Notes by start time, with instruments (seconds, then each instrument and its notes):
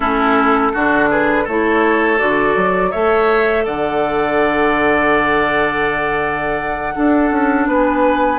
0.00 bassoon A3, clarinet C#4, oboe E4, flute A4
0.73 bassoon D3, clarinet D4, oboe F#4
1.10 oboe G#4, flute B4
1.44 bassoon A3, clarinet E4, oboe A4, flute C#5
2.17 bassoon D3, clarinet F#4, flute D5
2.56 bassoon F#3
2.90 bassoon A3, clarinet A4, oboe C#5, flute E5
3.65 bassoon D3, oboe D5, flute F#5
6.95 clarinet D4, bassoon D4, oboe A4
7.31 bassoon C#4
7.66 bassoon B3, oboe B4, flute G#5